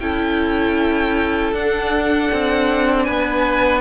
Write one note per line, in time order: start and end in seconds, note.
0.00 1.53 C#4
0.00 1.54 E4
0.00 3.06 A4
0.00 1.54 G5
1.53 2.30 D4
1.53 3.81 D4
1.53 3.04 F#5
2.33 3.08 C4
3.04 3.81 B3
3.04 3.81 B4
3.04 3.81 G#5